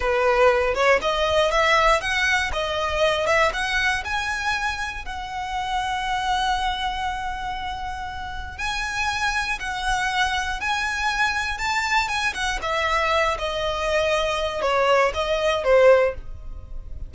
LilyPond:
\new Staff \with { instrumentName = "violin" } { \time 4/4 \tempo 4 = 119 b'4. cis''8 dis''4 e''4 | fis''4 dis''4. e''8 fis''4 | gis''2 fis''2~ | fis''1~ |
fis''4 gis''2 fis''4~ | fis''4 gis''2 a''4 | gis''8 fis''8 e''4. dis''4.~ | dis''4 cis''4 dis''4 c''4 | }